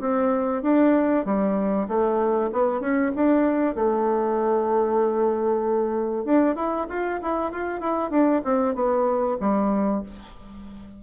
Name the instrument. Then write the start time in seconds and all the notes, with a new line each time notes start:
bassoon
0.00 C4
0.62 D4
1.25 G3
1.88 A3
2.52 B3
2.80 C#4
3.16 D4
3.75 A3
6.25 D4
6.55 E4
6.89 F4
7.22 E4
7.51 F4
7.80 E4
8.10 D4
8.44 C4
8.75 B3
9.40 G3